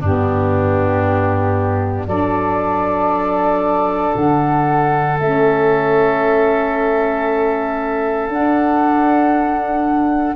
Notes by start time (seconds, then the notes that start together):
0.00 G2 B3 D4 G4
2.07 F#3 D4 A4 D5
4.15 D3 F#5
5.19 A3 C#4 E5
8.29 D4 F#5